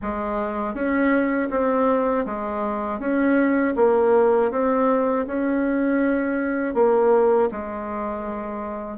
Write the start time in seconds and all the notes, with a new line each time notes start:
0.02 G#3
0.74 C#4
1.50 C4
2.25 G#3
2.99 C#4
3.76 A#3
4.51 C4
5.26 C#4
6.74 A#3
7.51 G#3